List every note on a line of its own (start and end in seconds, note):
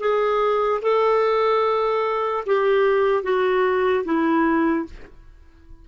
0.00 0.81 G#4
0.82 2.44 A4
2.47 3.23 G4
3.23 4.04 F#4
4.05 4.86 E4